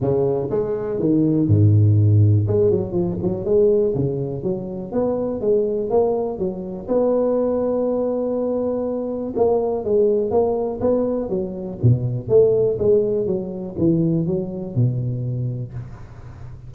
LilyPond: \new Staff \with { instrumentName = "tuba" } { \time 4/4 \tempo 4 = 122 cis4 gis4 dis4 gis,4~ | gis,4 gis8 fis8 f8 fis8 gis4 | cis4 fis4 b4 gis4 | ais4 fis4 b2~ |
b2. ais4 | gis4 ais4 b4 fis4 | b,4 a4 gis4 fis4 | e4 fis4 b,2 | }